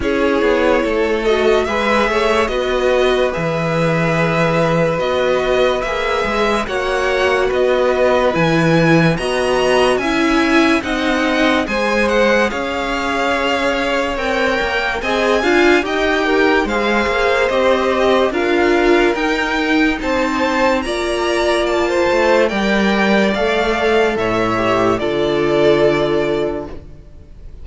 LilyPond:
<<
  \new Staff \with { instrumentName = "violin" } { \time 4/4 \tempo 4 = 72 cis''4. dis''8 e''4 dis''4 | e''2 dis''4 e''4 | fis''4 dis''4 gis''4 ais''4 | gis''4 fis''4 gis''8 fis''8 f''4~ |
f''4 g''4 gis''4 g''4 | f''4 dis''4 f''4 g''4 | a''4 ais''4 a''4 g''4 | f''4 e''4 d''2 | }
  \new Staff \with { instrumentName = "violin" } { \time 4/4 gis'4 a'4 b'8 cis''8 b'4~ | b'1 | cis''4 b'2 dis''4 | e''4 dis''4 c''4 cis''4~ |
cis''2 dis''8 f''8 dis''8 ais'8 | c''2 ais'2 | c''4 d''4~ d''16 c''8. d''4~ | d''4 cis''4 a'2 | }
  \new Staff \with { instrumentName = "viola" } { \time 4/4 e'4. fis'8 gis'4 fis'4 | gis'2 fis'4 gis'4 | fis'2 e'4 fis'4 | e'4 dis'4 gis'2~ |
gis'4 ais'4 gis'8 f'8 g'4 | gis'4 g'4 f'4 dis'4~ | dis'4 f'2 ais'4 | a'4. g'8 f'2 | }
  \new Staff \with { instrumentName = "cello" } { \time 4/4 cis'8 b8 a4 gis8 a8 b4 | e2 b4 ais8 gis8 | ais4 b4 e4 b4 | cis'4 c'4 gis4 cis'4~ |
cis'4 c'8 ais8 c'8 d'8 dis'4 | gis8 ais8 c'4 d'4 dis'4 | c'4 ais4. a8 g4 | a4 a,4 d2 | }
>>